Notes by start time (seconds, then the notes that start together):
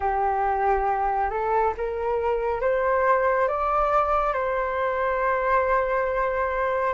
0.00 G4
1.30 A4
1.77 A#4
2.60 C5
3.48 D5
4.33 C5